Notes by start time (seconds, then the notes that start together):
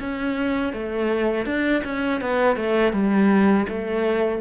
0.00 C#4
0.73 A3
1.46 D4
1.85 C#4
2.21 B3
2.57 A3
2.93 G3
3.69 A3